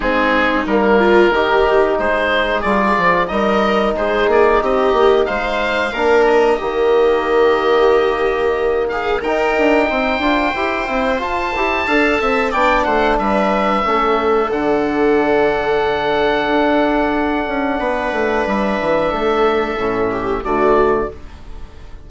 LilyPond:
<<
  \new Staff \with { instrumentName = "oboe" } { \time 4/4 \tempo 4 = 91 gis'4 ais'2 c''4 | d''4 dis''4 c''8 d''8 dis''4 | f''4. dis''2~ dis''8~ | dis''4. f''8 g''2~ |
g''4 a''2 g''8 fis''8 | e''2 fis''2~ | fis''1 | e''2. d''4 | }
  \new Staff \with { instrumentName = "viola" } { \time 4/4 dis'4. f'8 g'4 gis'4~ | gis'4 ais'4 gis'4 g'4 | c''4 ais'4 g'2~ | g'4. gis'8 ais'4 c''4~ |
c''2 f''8 e''8 d''8 c''8 | b'4 a'2.~ | a'2. b'4~ | b'4 a'4. g'8 fis'4 | }
  \new Staff \with { instrumentName = "trombone" } { \time 4/4 c'4 ais4 dis'2 | f'4 dis'2.~ | dis'4 d'4 ais2~ | ais2 dis'4. f'8 |
g'8 e'8 f'8 g'8 a'4 d'4~ | d'4 cis'4 d'2~ | d'1~ | d'2 cis'4 a4 | }
  \new Staff \with { instrumentName = "bassoon" } { \time 4/4 gis4 g4 dis4 gis4 | g8 f8 g4 gis8 ais8 c'8 ais8 | gis4 ais4 dis2~ | dis2 dis'8 d'8 c'8 d'8 |
e'8 c'8 f'8 e'8 d'8 c'8 b8 a8 | g4 a4 d2~ | d4 d'4. cis'8 b8 a8 | g8 e8 a4 a,4 d4 | }
>>